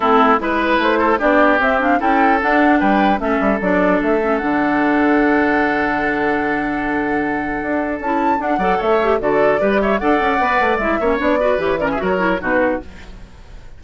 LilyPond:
<<
  \new Staff \with { instrumentName = "flute" } { \time 4/4 \tempo 4 = 150 a'4 b'4 c''4 d''4 | e''8 f''8 g''4 fis''4 g''4 | e''4 d''4 e''4 fis''4~ | fis''1~ |
fis''1 | a''4 fis''4 e''4 d''4~ | d''8 e''8 fis''2 e''4 | d''4 cis''8 d''16 e''16 cis''4 b'4 | }
  \new Staff \with { instrumentName = "oboe" } { \time 4/4 e'4 b'4. a'8 g'4~ | g'4 a'2 b'4 | a'1~ | a'1~ |
a'1~ | a'4. d''8 cis''4 a'4 | b'8 cis''8 d''2~ d''8 cis''8~ | cis''8 b'4 ais'16 gis'16 ais'4 fis'4 | }
  \new Staff \with { instrumentName = "clarinet" } { \time 4/4 c'4 e'2 d'4 | c'8 d'8 e'4 d'2 | cis'4 d'4. cis'8 d'4~ | d'1~ |
d'1 | e'4 d'8 a'4 g'8 fis'4 | g'4 a'4 b'4 e'8 cis'8 | d'8 fis'8 g'8 cis'8 fis'8 e'8 dis'4 | }
  \new Staff \with { instrumentName = "bassoon" } { \time 4/4 a4 gis4 a4 b4 | c'4 cis'4 d'4 g4 | a8 g8 fis4 a4 d4~ | d1~ |
d2. d'4 | cis'4 d'8 fis8 a4 d4 | g4 d'8 cis'8 b8 a8 gis8 ais8 | b4 e4 fis4 b,4 | }
>>